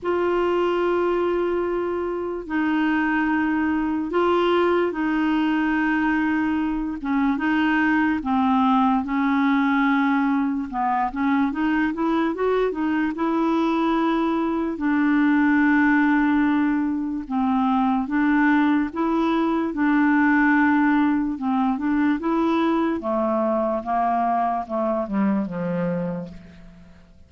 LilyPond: \new Staff \with { instrumentName = "clarinet" } { \time 4/4 \tempo 4 = 73 f'2. dis'4~ | dis'4 f'4 dis'2~ | dis'8 cis'8 dis'4 c'4 cis'4~ | cis'4 b8 cis'8 dis'8 e'8 fis'8 dis'8 |
e'2 d'2~ | d'4 c'4 d'4 e'4 | d'2 c'8 d'8 e'4 | a4 ais4 a8 g8 f4 | }